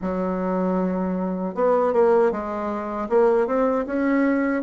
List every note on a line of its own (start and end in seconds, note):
0.01 1.54 F#3
1.54 1.93 B3
1.93 2.31 A#3
2.31 3.08 G#3
3.09 3.46 A#3
3.46 3.85 C4
3.86 4.62 C#4